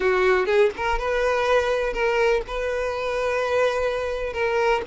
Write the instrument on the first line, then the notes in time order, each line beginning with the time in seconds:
violin
0.00 F#4
0.46 G#4
0.76 A#4
0.98 B4
1.93 A#4
2.47 B4
4.33 A#4